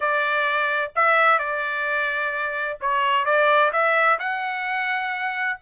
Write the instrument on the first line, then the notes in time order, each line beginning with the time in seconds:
trumpet
0.00 D5
0.95 E5
1.38 D5
2.80 C#5
3.25 D5
3.72 E5
4.19 F#5